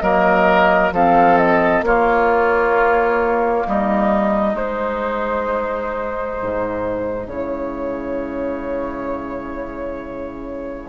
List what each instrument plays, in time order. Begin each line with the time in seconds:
0.00 bassoon F#3, clarinet A#3, oboe A#4, flute D#5
0.92 bassoon F3, clarinet C4, oboe A4, flute F5
1.38 flute D#5
1.83 bassoon A#3, clarinet A#3, oboe F4, flute C#5
3.67 bassoon G3, oboe D#4, flute D#5
4.54 bassoon G#3, clarinet G#3, flute C5
6.42 bassoon G#2
7.28 bassoon C#3, oboe E4, flute C#5